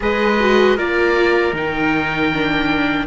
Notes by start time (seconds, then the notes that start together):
0.00 G#3 G#4 B4 D#5
0.39 F#4
0.76 A#3 F4 A#4 D5
1.52 D#3 D#4 G5
2.32 D4